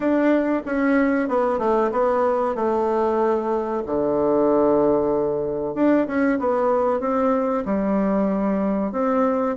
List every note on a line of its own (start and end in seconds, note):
0.00 0.62 D4
0.65 1.28 C#4
1.28 1.58 B3
1.58 1.90 A3
1.91 2.55 B3
2.55 3.83 A3
3.86 5.74 D3
5.74 6.06 D4
6.07 6.39 C#4
6.39 7.00 B3
7.00 7.63 C4
7.65 8.92 G3
8.92 9.56 C4